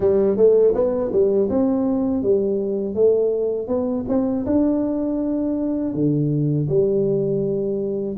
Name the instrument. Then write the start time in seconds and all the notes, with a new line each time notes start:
tuba
0.00 G3
0.37 A3
0.74 B3
1.11 G3
1.49 C4
2.23 G3
2.95 A3
3.67 B3
4.08 C4
4.46 D4
5.94 D3
6.68 G3